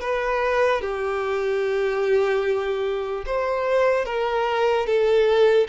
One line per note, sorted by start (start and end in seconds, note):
0.00 0.81 B4
0.81 3.24 G4
3.26 4.05 C5
4.05 4.86 A#4
4.86 5.67 A4